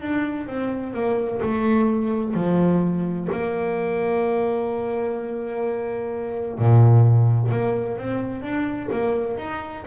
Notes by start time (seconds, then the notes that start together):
0.00 D4
0.46 C4
0.93 A#3
1.41 A3
2.34 F3
3.31 A#3
6.58 A#2
7.51 A#3
7.98 C4
8.42 D4
8.91 A#3
9.37 D#4